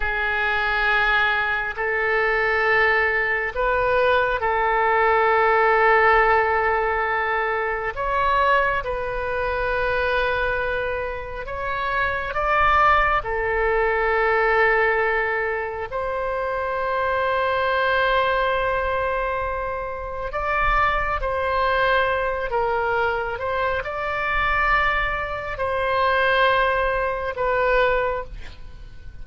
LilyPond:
\new Staff \with { instrumentName = "oboe" } { \time 4/4 \tempo 4 = 68 gis'2 a'2 | b'4 a'2.~ | a'4 cis''4 b'2~ | b'4 cis''4 d''4 a'4~ |
a'2 c''2~ | c''2. d''4 | c''4. ais'4 c''8 d''4~ | d''4 c''2 b'4 | }